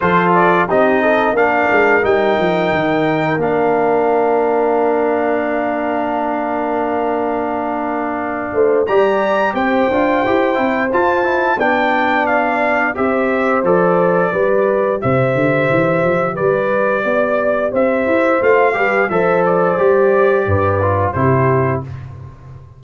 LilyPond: <<
  \new Staff \with { instrumentName = "trumpet" } { \time 4/4 \tempo 4 = 88 c''8 d''8 dis''4 f''4 g''4~ | g''4 f''2.~ | f''1~ | f''4 ais''4 g''2 |
a''4 g''4 f''4 e''4 | d''2 e''2 | d''2 e''4 f''4 | e''8 d''2~ d''8 c''4 | }
  \new Staff \with { instrumentName = "horn" } { \time 4/4 a'4 g'8 a'8 ais'2~ | ais'1~ | ais'1~ | ais'8 c''8 d''4 c''2~ |
c''4 d''2 c''4~ | c''4 b'4 c''2 | b'4 d''4 c''4. b'8 | c''2 b'4 g'4 | }
  \new Staff \with { instrumentName = "trombone" } { \time 4/4 f'4 dis'4 d'4 dis'4~ | dis'4 d'2.~ | d'1~ | d'4 g'4. f'8 g'8 e'8 |
f'8 e'8 d'2 g'4 | a'4 g'2.~ | g'2. f'8 g'8 | a'4 g'4. f'8 e'4 | }
  \new Staff \with { instrumentName = "tuba" } { \time 4/4 f4 c'4 ais8 gis8 g8 f8 | dis4 ais2.~ | ais1~ | ais8 a8 g4 c'8 d'8 e'8 c'8 |
f'4 b2 c'4 | f4 g4 c8 d8 e8 f8 | g4 b4 c'8 e'8 a8 g8 | f4 g4 g,4 c4 | }
>>